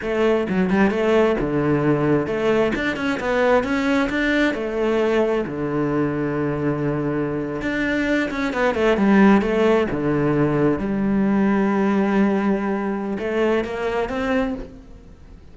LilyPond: \new Staff \with { instrumentName = "cello" } { \time 4/4 \tempo 4 = 132 a4 fis8 g8 a4 d4~ | d4 a4 d'8 cis'8 b4 | cis'4 d'4 a2 | d1~ |
d8. d'4. cis'8 b8 a8 g16~ | g8. a4 d2 g16~ | g1~ | g4 a4 ais4 c'4 | }